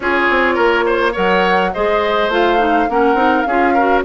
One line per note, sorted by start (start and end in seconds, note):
0.00 0.28 C#4
0.00 1.13 F4
0.00 0.55 G#4
0.00 1.13 C#5
0.30 0.58 C4
0.55 1.15 A#3
0.55 0.83 A#4
0.86 1.12 C5
1.12 1.74 F#3
1.12 1.71 A#4
1.12 1.70 C#5
1.12 1.73 F#5
1.73 2.28 G#3
1.73 2.31 G#4
1.73 2.89 C5
1.73 2.30 D#5
2.28 2.86 A3
2.28 2.58 F4
2.28 2.90 F5
2.58 2.87 D#4
2.89 3.14 A#3
2.89 3.16 C#4
2.89 3.47 A#4
2.89 3.42 F#5
3.14 3.43 C4
3.14 3.45 D#4
3.42 4.04 C#4
3.42 3.74 G#4
3.42 3.99 F5
3.49 3.78 F4
3.74 4.04 F#4
3.74 4.03 A#4